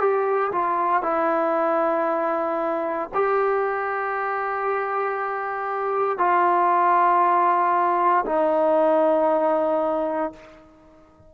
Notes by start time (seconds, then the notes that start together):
0.00 G4
0.52 F4
1.03 E4
3.15 G4
6.18 F4
8.26 D#4